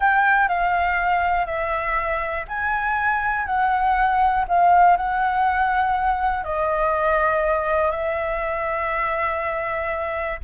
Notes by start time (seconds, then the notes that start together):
0.00 G5
0.48 F5
1.46 E5
2.48 G#5
3.46 F#5
4.48 F5
4.97 F#5
6.43 D#5
7.91 E5